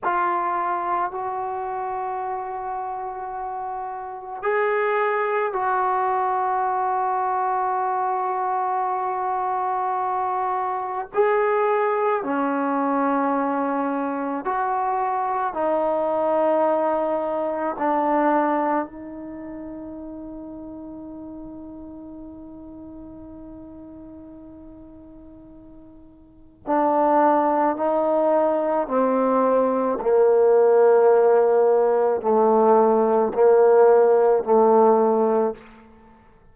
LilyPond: \new Staff \with { instrumentName = "trombone" } { \time 4/4 \tempo 4 = 54 f'4 fis'2. | gis'4 fis'2.~ | fis'2 gis'4 cis'4~ | cis'4 fis'4 dis'2 |
d'4 dis'2.~ | dis'1 | d'4 dis'4 c'4 ais4~ | ais4 a4 ais4 a4 | }